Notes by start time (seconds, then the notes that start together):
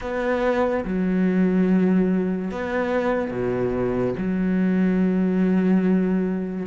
0.01 B3
0.84 F#3
2.51 B3
3.30 B2
4.17 F#3